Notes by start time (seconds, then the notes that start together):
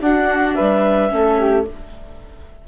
0.00 D4 F#4 F#5
0.54 G3 B4 E5
1.10 A3 C#4
1.16 A4
1.39 G4